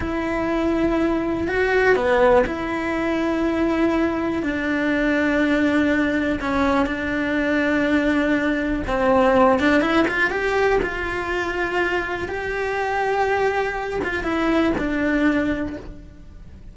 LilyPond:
\new Staff \with { instrumentName = "cello" } { \time 4/4 \tempo 4 = 122 e'2. fis'4 | b4 e'2.~ | e'4 d'2.~ | d'4 cis'4 d'2~ |
d'2 c'4. d'8 | e'8 f'8 g'4 f'2~ | f'4 g'2.~ | g'8 f'8 e'4 d'2 | }